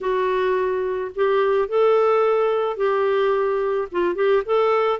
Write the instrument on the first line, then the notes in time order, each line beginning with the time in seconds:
clarinet
0.00 F#4
1.15 G4
1.68 A4
2.77 G4
3.91 F4
4.15 G4
4.45 A4